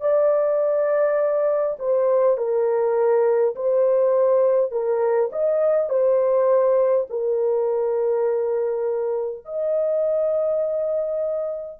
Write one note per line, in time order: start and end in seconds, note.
0.00 1.76 D5
1.79 2.37 C5
2.37 3.55 A#4
3.55 4.71 C5
4.71 5.30 A#4
5.32 5.89 D#5
5.89 7.06 C5
7.10 9.44 A#4
9.44 11.80 D#5